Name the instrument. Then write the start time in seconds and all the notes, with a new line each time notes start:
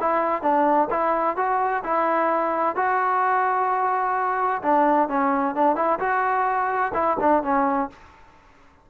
trombone
0.00 E4
0.42 D4
0.90 E4
1.36 F#4
1.84 E4
2.75 F#4
4.62 D4
5.08 C#4
5.55 D4
5.76 E4
5.99 F#4
6.94 E4
7.20 D4
7.43 C#4